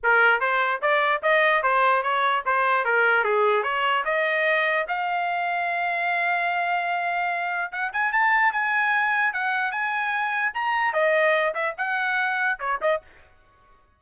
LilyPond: \new Staff \with { instrumentName = "trumpet" } { \time 4/4 \tempo 4 = 148 ais'4 c''4 d''4 dis''4 | c''4 cis''4 c''4 ais'4 | gis'4 cis''4 dis''2 | f''1~ |
f''2. fis''8 gis''8 | a''4 gis''2 fis''4 | gis''2 ais''4 dis''4~ | dis''8 e''8 fis''2 cis''8 dis''8 | }